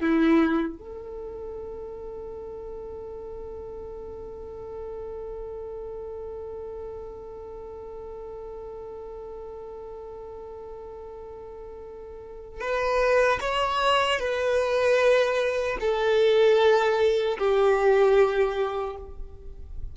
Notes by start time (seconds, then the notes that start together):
0.00 E4
0.78 A4
12.60 B4
13.40 C#5
14.20 B4
15.80 A4
17.38 G4